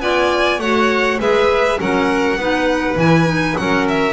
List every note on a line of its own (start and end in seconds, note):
0.00 0.59 B3
0.00 0.60 F4
0.00 0.61 D5
0.00 0.60 G#5
0.59 1.18 A3
0.59 1.19 F#4
0.59 1.20 C#5
0.59 1.19 F#5
1.19 1.79 G#3
1.19 1.79 G#4
1.19 1.79 B4
1.19 1.80 E5
1.79 2.36 F#3
1.79 2.38 C#4
1.79 2.39 A#4
1.79 2.99 F#5
2.36 2.96 B3
2.36 2.98 D#4
2.36 3.59 B4
2.96 3.55 E3
2.96 3.26 E4
2.96 3.57 G#5
3.26 3.55 D#4
3.57 4.13 F#3
3.57 4.13 C#4
3.57 4.13 A#4
3.57 3.87 F#5
3.88 4.13 E5